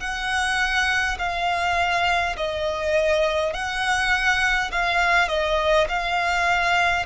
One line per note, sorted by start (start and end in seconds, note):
0.00 1.18 F#5
1.18 2.36 F5
2.37 3.53 D#5
3.53 4.71 F#5
4.72 5.29 F5
5.29 5.88 D#5
5.89 7.06 F5